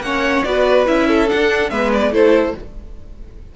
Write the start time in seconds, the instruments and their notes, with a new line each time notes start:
0.00 cello A#3, viola C#4, violin C#5 F#5
0.43 cello B3, viola F#4, violin B4 D5
0.86 cello C#4, viola E4, violin E5
1.07 violin A4
1.27 viola D4, cello D4, violin F#5
1.70 cello G#3, viola B3, violin B4 E5
1.92 violin D5
2.11 cello A3, viola E4, violin A4 C5